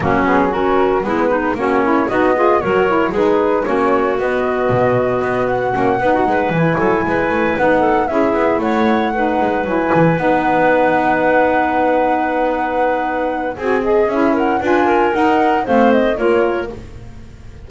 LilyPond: <<
  \new Staff \with { instrumentName = "flute" } { \time 4/4 \tempo 4 = 115 fis'8 gis'8 ais'4 b'4 cis''4 | dis''4 cis''4 b'4 cis''4 | dis''2~ dis''8 fis''4.~ | fis''8 gis''2 fis''4 e''8~ |
e''8 fis''2 gis''4 fis''8~ | fis''1~ | fis''2 gis''8 dis''8 e''8 fis''8 | gis''4 fis''4 f''8 dis''8 cis''4 | }
  \new Staff \with { instrumentName = "clarinet" } { \time 4/4 cis'4 fis'4 e'8 dis'8 cis'4 | fis'8 gis'8 ais'4 gis'4 fis'4~ | fis'2.~ fis'8 b'16 fis'16 | b'4 a'8 b'4. a'8 gis'8~ |
gis'8 cis''4 b'2~ b'8~ | b'1~ | b'2 gis'4. ais'8 | b'8 ais'4. c''4 ais'4 | }
  \new Staff \with { instrumentName = "saxophone" } { \time 4/4 ais8 b8 cis'4 b4 fis'8 e'8 | dis'8 f'8 fis'8 e'8 dis'4 cis'4 | b2. cis'8 dis'8~ | dis'8 e'2 dis'4 e'8~ |
e'4. dis'4 e'4 dis'8~ | dis'1~ | dis'2 fis'8 gis'8 e'4 | f'4 dis'4 c'4 f'4 | }
  \new Staff \with { instrumentName = "double bass" } { \time 4/4 fis2 gis4 ais4 | b4 fis4 gis4 ais4 | b4 b,4 b4 ais8 b8 | gis8 e8 fis8 gis8 a8 b4 cis'8 |
b8 a4. gis8 fis8 e8 b8~ | b1~ | b2 c'4 cis'4 | d'4 dis'4 a4 ais4 | }
>>